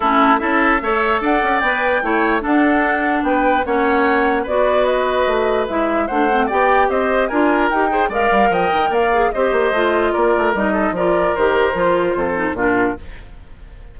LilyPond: <<
  \new Staff \with { instrumentName = "flute" } { \time 4/4 \tempo 4 = 148 a'4 e''2 fis''4 | g''2 fis''2 | g''4 fis''2 d''4 | dis''2 e''4 fis''4 |
g''4 dis''4 gis''4 g''4 | f''4 g''4 f''4 dis''4~ | dis''4 d''4 dis''4 d''4 | c''2. ais'4 | }
  \new Staff \with { instrumentName = "oboe" } { \time 4/4 e'4 a'4 cis''4 d''4~ | d''4 cis''4 a'2 | b'4 cis''2 b'4~ | b'2. c''4 |
d''4 c''4 ais'4. c''8 | d''4 dis''4 d''4 c''4~ | c''4 ais'4. a'8 ais'4~ | ais'2 a'4 f'4 | }
  \new Staff \with { instrumentName = "clarinet" } { \time 4/4 cis'4 e'4 a'2 | b'4 e'4 d'2~ | d'4 cis'2 fis'4~ | fis'2 e'4 d'8 c'8 |
g'2 f'4 g'8 gis'8 | ais'2~ ais'8 gis'8 g'4 | f'2 dis'4 f'4 | g'4 f'4. dis'8 d'4 | }
  \new Staff \with { instrumentName = "bassoon" } { \time 4/4 a4 cis'4 a4 d'8 cis'8 | b4 a4 d'2 | b4 ais2 b4~ | b4 a4 gis4 a4 |
b4 c'4 d'4 dis'4 | gis8 g8 f8 dis8 ais4 c'8 ais8 | a4 ais8 a8 g4 f4 | dis4 f4 f,4 ais,4 | }
>>